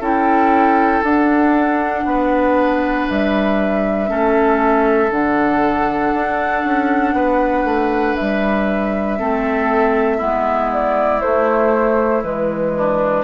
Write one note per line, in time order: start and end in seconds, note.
0.00 1.02 C#4
0.00 1.03 E4
0.00 2.03 A4
0.00 1.04 G5
1.03 2.04 D4
1.03 4.07 D4
1.03 3.08 F#5
2.04 3.06 B3
2.04 4.10 B4
3.08 4.10 G3
3.08 5.11 E5
4.07 5.11 A3
4.07 5.09 C#4
4.07 7.15 A4
5.11 6.12 D3
5.11 9.18 D4
5.11 8.16 F#5
6.13 6.64 D4
6.64 7.13 C#4
7.13 7.64 B3
7.13 9.18 B4
7.64 8.14 A3
8.16 9.20 G3
8.16 10.70 E5
9.18 10.21 A3
9.18 10.19 C4
9.18 10.17 A4
10.17 11.21 G#3
10.17 11.21 B3
10.17 12.71 E4
10.73 11.21 D5
11.21 12.23 A3
11.21 12.22 C5
12.23 13.23 E3
12.23 13.23 G#3
12.23 13.23 B4
12.77 13.23 D4